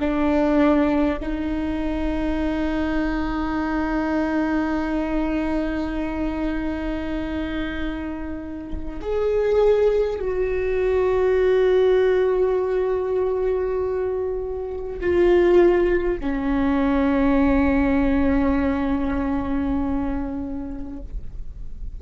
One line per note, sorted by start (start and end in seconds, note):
0.00 1.20 D4
1.20 9.00 D#4
9.01 10.19 G#4
10.19 14.99 F#4
15.01 16.21 F4
16.21 21.01 C#4